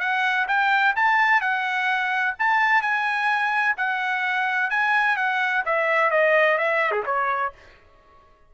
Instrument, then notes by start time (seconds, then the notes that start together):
trumpet
0.00 F#5
0.48 G5
0.96 A5
1.41 F#5
2.39 A5
2.82 G#5
3.77 F#5
4.70 G#5
5.17 F#5
5.66 E5
6.11 D#5
6.58 E5
6.92 G#4
7.06 C#5